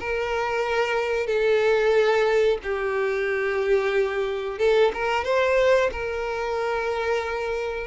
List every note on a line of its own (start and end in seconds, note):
0.00 1.26 A#4
1.26 2.58 A4
2.63 4.59 G4
4.59 4.92 A4
4.94 5.24 A#4
5.24 5.90 C5
5.92 7.87 A#4